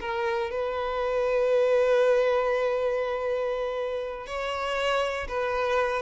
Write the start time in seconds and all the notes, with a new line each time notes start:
0.00 A#4
0.50 B4
4.26 C#5
5.28 B4